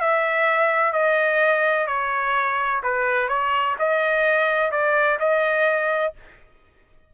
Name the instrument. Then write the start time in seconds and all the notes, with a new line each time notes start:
trumpet
0.00 E5
0.93 D#5
1.87 C#5
2.83 B4
3.28 C#5
3.79 D#5
4.71 D5
5.19 D#5